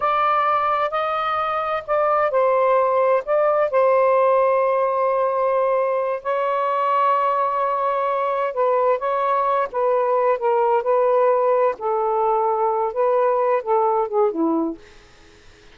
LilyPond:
\new Staff \with { instrumentName = "saxophone" } { \time 4/4 \tempo 4 = 130 d''2 dis''2 | d''4 c''2 d''4 | c''1~ | c''4. cis''2~ cis''8~ |
cis''2~ cis''8 b'4 cis''8~ | cis''4 b'4. ais'4 b'8~ | b'4. a'2~ a'8 | b'4. a'4 gis'8 e'4 | }